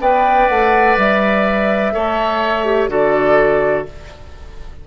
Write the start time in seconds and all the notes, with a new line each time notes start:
0.00 B3 B4 D5 G5
0.49 A3 F#5
0.97 G3 E5
1.93 A3 A4 C#5
2.65 G4
2.89 D3 F#4 A4 D5